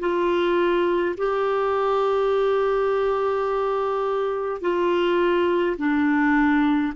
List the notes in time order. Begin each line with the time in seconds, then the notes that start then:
0.00 F4
1.17 G4
4.62 F4
5.78 D4